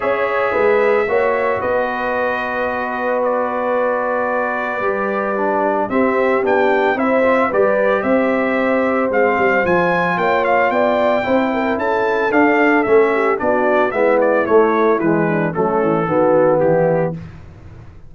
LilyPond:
<<
  \new Staff \with { instrumentName = "trumpet" } { \time 4/4 \tempo 4 = 112 e''2. dis''4~ | dis''2 d''2~ | d''2. e''4 | g''4 e''4 d''4 e''4~ |
e''4 f''4 gis''4 g''8 f''8 | g''2 a''4 f''4 | e''4 d''4 e''8 d''8 cis''4 | b'4 a'2 g'4 | }
  \new Staff \with { instrumentName = "horn" } { \time 4/4 cis''4 b'4 cis''4 b'4~ | b'1~ | b'2. g'4~ | g'4 c''4 b'4 c''4~ |
c''2. cis''4 | d''4 c''8 ais'8 a'2~ | a'8 g'8 fis'4 e'2~ | e'8 d'8 cis'4 fis'4 e'4 | }
  \new Staff \with { instrumentName = "trombone" } { \time 4/4 gis'2 fis'2~ | fis'1~ | fis'4 g'4 d'4 c'4 | d'4 e'8 f'8 g'2~ |
g'4 c'4 f'2~ | f'4 e'2 d'4 | cis'4 d'4 b4 a4 | gis4 a4 b2 | }
  \new Staff \with { instrumentName = "tuba" } { \time 4/4 cis'4 gis4 ais4 b4~ | b1~ | b4 g2 c'4 | b4 c'4 g4 c'4~ |
c'4 gis8 g8 f4 ais4 | b4 c'4 cis'4 d'4 | a4 b4 gis4 a4 | e4 fis8 e8 dis4 e4 | }
>>